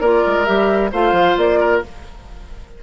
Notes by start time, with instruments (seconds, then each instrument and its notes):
0.00 bassoon A#3, clarinet F4, oboe A#4, flute D5
0.26 bassoon G#3
0.45 bassoon G3, clarinet G4, flute E5
0.92 bassoon A3, clarinet F4, oboe C5, flute F5
1.12 bassoon F3
1.37 bassoon A#3, flute D5
1.60 oboe A#4